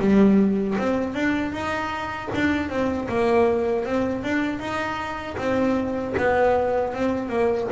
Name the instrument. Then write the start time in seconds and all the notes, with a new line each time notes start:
double bass
0.00 G3
0.78 C4
1.14 D4
1.52 D#4
2.35 D4
2.70 C4
3.09 A#3
3.85 C4
4.24 D4
4.59 D#4
5.38 C4
6.17 B3
6.94 C4
7.29 A#3